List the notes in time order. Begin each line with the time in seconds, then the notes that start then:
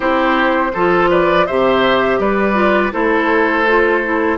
0.00 C4 E4 G4 C5
0.73 F3 F4 A4
1.10 B4 D5
1.46 C3 G4 C5 E5
2.18 G3 B4 D5
2.53 F4
2.92 A3 E4 A4 C5
3.67 F4
4.04 E4